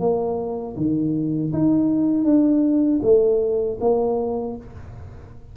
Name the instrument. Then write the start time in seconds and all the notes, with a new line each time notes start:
tuba
0.00 A#3
0.77 D#3
1.53 D#4
2.24 D4
3.03 A3
3.80 A#3